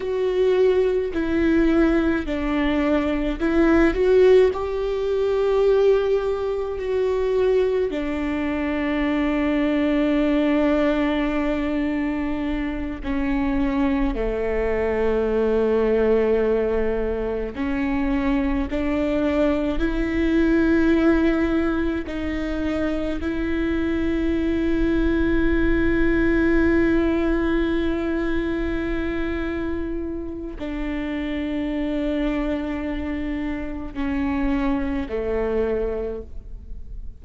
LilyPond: \new Staff \with { instrumentName = "viola" } { \time 4/4 \tempo 4 = 53 fis'4 e'4 d'4 e'8 fis'8 | g'2 fis'4 d'4~ | d'2.~ d'8 cis'8~ | cis'8 a2. cis'8~ |
cis'8 d'4 e'2 dis'8~ | dis'8 e'2.~ e'8~ | e'2. d'4~ | d'2 cis'4 a4 | }